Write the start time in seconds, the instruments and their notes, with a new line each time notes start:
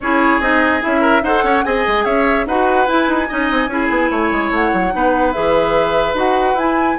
0.00 bassoon C#4, clarinet E4, oboe G#4, flute C#5
0.39 bassoon C4, clarinet D#4, flute D#5
0.80 bassoon C#4, clarinet E4, flute E5
1.01 oboe A#4
1.22 bassoon D#4, clarinet A4, oboe C5, flute F#5
1.43 bassoon C#4, oboe C#5
1.64 bassoon C4, clarinet G#4, oboe D#5, flute G#5
1.87 bassoon G#3
2.05 bassoon C#4, oboe C#5, flute E5
2.45 bassoon D#4, clarinet F#4, oboe B4, flute F#5
2.86 clarinet E4, bassoon E4, flute G#5
3.08 bassoon D#4
3.28 bassoon C#4, clarinet D#4, oboe D#5
3.50 bassoon C4
3.67 bassoon C#4, clarinet E4, oboe G#4
3.89 bassoon B3
4.10 bassoon A3, oboe C#5
4.31 bassoon G#3
4.51 bassoon A3, flute F#5
4.73 bassoon F#3
4.92 bassoon B3, clarinet D#4, oboe B4
5.32 bassoon E3, clarinet G#4, flute E5
6.13 bassoon D#4, clarinet F#4, flute F#5
6.54 bassoon E4, clarinet E4, flute G#5